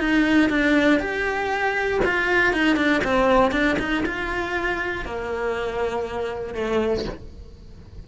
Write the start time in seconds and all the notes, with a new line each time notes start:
0.00 D#4
0.50 D4
1.00 G4
2.05 F4
2.54 D#4
2.77 D4
3.04 C4
3.52 D4
3.80 D#4
4.06 F4
5.06 A#3
6.55 A3